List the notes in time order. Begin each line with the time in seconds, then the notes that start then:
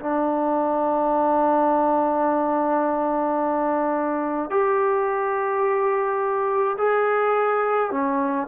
0.00 D4
4.50 G4
6.78 G#4
7.91 C#4